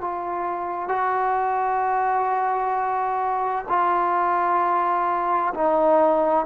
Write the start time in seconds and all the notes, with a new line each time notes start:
0.00 F4
0.88 F#4
3.68 F4
5.54 D#4